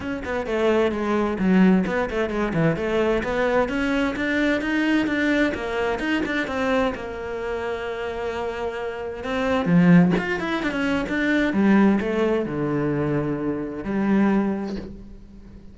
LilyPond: \new Staff \with { instrumentName = "cello" } { \time 4/4 \tempo 4 = 130 cis'8 b8 a4 gis4 fis4 | b8 a8 gis8 e8 a4 b4 | cis'4 d'4 dis'4 d'4 | ais4 dis'8 d'8 c'4 ais4~ |
ais1 | c'4 f4 f'8 e'8 d'16 cis'8. | d'4 g4 a4 d4~ | d2 g2 | }